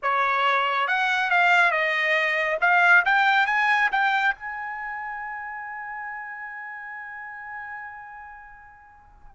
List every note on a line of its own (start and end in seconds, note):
0.02 0.87 C#5
0.87 1.30 F#5
1.30 1.71 F5
1.71 2.58 D#5
2.60 3.04 F5
3.05 3.46 G5
3.46 3.90 G#5
3.91 4.35 G5
4.35 9.35 G#5